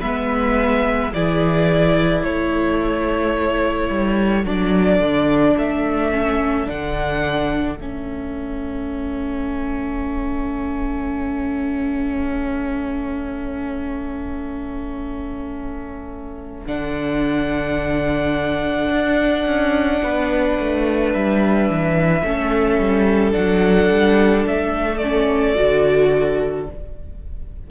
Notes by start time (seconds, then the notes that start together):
0.00 G#3 B3 B4 E5
1.13 E3 E4 G#4 D5
2.22 A3 A4 C#5
3.89 G3
4.44 F#3 D4 D5
5.00 D3
5.57 A3 E5
6.12 C#4
6.66 D3 D4 F#5
7.76 A3 C#4 E5
16.67 D3 D4 F#5
18.90 D4
19.46 C#4
20.03 B3 B4
20.59 A3
21.14 G3 E5
21.69 E3
22.23 A3 C#4 A4
22.78 G3
23.31 F#3 D4 F#5
23.90 G3
24.47 A3 E5
24.98 C#4 D5
25.56 D3 F#4